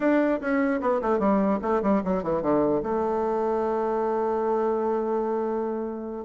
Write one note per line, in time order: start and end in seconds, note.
0.00 0.40 D4
0.40 0.81 C#4
0.81 1.01 B3
1.01 1.19 A3
1.19 1.59 G3
1.62 1.82 A3
1.82 2.02 G3
2.03 2.23 F#3
2.23 2.42 E3
2.42 2.82 D3
2.82 6.25 A3